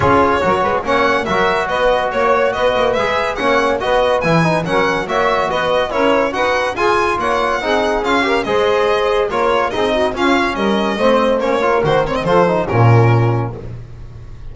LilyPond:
<<
  \new Staff \with { instrumentName = "violin" } { \time 4/4 \tempo 4 = 142 cis''2 fis''4 e''4 | dis''4 cis''4 dis''4 e''4 | fis''4 dis''4 gis''4 fis''4 | e''4 dis''4 cis''4 fis''4 |
gis''4 fis''2 f''4 | dis''2 cis''4 dis''4 | f''4 dis''2 cis''4 | c''8 cis''16 dis''16 c''4 ais'2 | }
  \new Staff \with { instrumentName = "saxophone" } { \time 4/4 gis'4 ais'8 b'8 cis''4 ais'4 | b'4 cis''4 b'2 | cis''4 b'2 ais'4 | cis''4 b'4 ais'4 b'4 |
gis'4 cis''4 gis'4. ais'8 | c''2 ais'4 gis'8 fis'8 | f'4 ais'4 c''4. ais'8~ | ais'4 a'4 f'2 | }
  \new Staff \with { instrumentName = "trombone" } { \time 4/4 f'4 fis'4 cis'4 fis'4~ | fis'2. gis'4 | cis'4 fis'4 e'8 dis'8 cis'4 | fis'2 e'4 fis'4 |
f'2 dis'4 f'8 g'8 | gis'2 f'4 dis'4 | cis'2 c'4 cis'8 f'8 | fis'8 c'8 f'8 dis'8 cis'2 | }
  \new Staff \with { instrumentName = "double bass" } { \time 4/4 cis'4 fis8 gis8 ais4 fis4 | b4 ais4 b8 ais8 gis4 | ais4 b4 e4 fis4 | ais4 b4 cis'4 dis'4 |
f'4 ais4 c'4 cis'4 | gis2 ais4 c'4 | cis'4 g4 a4 ais4 | dis4 f4 ais,2 | }
>>